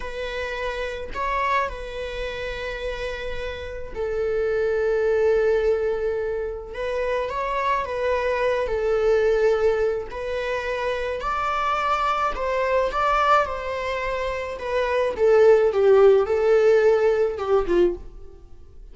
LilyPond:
\new Staff \with { instrumentName = "viola" } { \time 4/4 \tempo 4 = 107 b'2 cis''4 b'4~ | b'2. a'4~ | a'1 | b'4 cis''4 b'4. a'8~ |
a'2 b'2 | d''2 c''4 d''4 | c''2 b'4 a'4 | g'4 a'2 g'8 f'8 | }